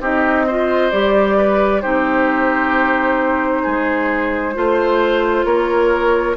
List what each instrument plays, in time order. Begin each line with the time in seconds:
0.00 bassoon C4, clarinet D#4, oboe G4, flute D#5
0.47 clarinet F4, oboe C5
0.91 bassoon G3, clarinet G4, flute D5
1.37 oboe B4
1.82 bassoon C4, clarinet D#4, oboe G4, flute C5
3.63 bassoon G#3, oboe G#4
4.54 bassoon A3, clarinet F4, oboe C5
5.45 bassoon A#3, oboe A#4, flute C#5